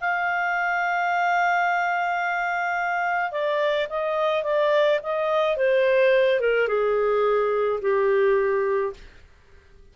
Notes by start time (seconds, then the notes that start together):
0.00 F5
3.31 D5
3.89 D#5
4.43 D5
5.02 D#5
5.56 C5
6.40 A#4
6.68 G#4
7.81 G4